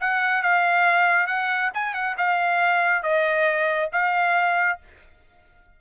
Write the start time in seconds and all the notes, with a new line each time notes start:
0.00 F#5
0.42 F5
1.26 F#5
1.74 G#5
1.94 F#5
2.17 F5
3.02 D#5
3.92 F5